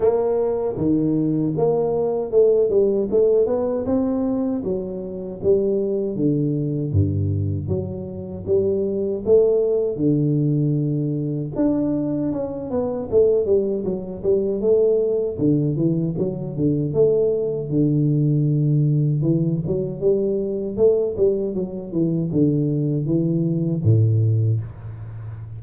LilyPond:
\new Staff \with { instrumentName = "tuba" } { \time 4/4 \tempo 4 = 78 ais4 dis4 ais4 a8 g8 | a8 b8 c'4 fis4 g4 | d4 g,4 fis4 g4 | a4 d2 d'4 |
cis'8 b8 a8 g8 fis8 g8 a4 | d8 e8 fis8 d8 a4 d4~ | d4 e8 fis8 g4 a8 g8 | fis8 e8 d4 e4 a,4 | }